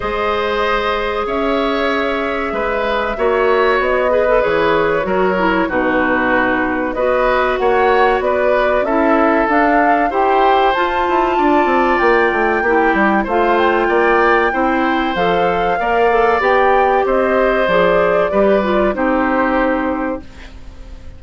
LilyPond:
<<
  \new Staff \with { instrumentName = "flute" } { \time 4/4 \tempo 4 = 95 dis''2 e''2~ | e''2 dis''4 cis''4~ | cis''4 b'2 dis''4 | fis''4 d''4 e''4 f''4 |
g''4 a''2 g''4~ | g''4 f''8 g''2~ g''8 | f''2 g''4 dis''4 | d''2 c''2 | }
  \new Staff \with { instrumentName = "oboe" } { \time 4/4 c''2 cis''2 | b'4 cis''4. b'4. | ais'4 fis'2 b'4 | cis''4 b'4 a'2 |
c''2 d''2 | g'4 c''4 d''4 c''4~ | c''4 d''2 c''4~ | c''4 b'4 g'2 | }
  \new Staff \with { instrumentName = "clarinet" } { \time 4/4 gis'1~ | gis'4 fis'4. gis'16 a'16 gis'4 | fis'8 e'8 dis'2 fis'4~ | fis'2 e'4 d'4 |
g'4 f'2. | e'4 f'2 e'4 | a'4 ais'8 a'8 g'2 | gis'4 g'8 f'8 dis'2 | }
  \new Staff \with { instrumentName = "bassoon" } { \time 4/4 gis2 cis'2 | gis4 ais4 b4 e4 | fis4 b,2 b4 | ais4 b4 cis'4 d'4 |
e'4 f'8 e'8 d'8 c'8 ais8 a8 | ais8 g8 a4 ais4 c'4 | f4 ais4 b4 c'4 | f4 g4 c'2 | }
>>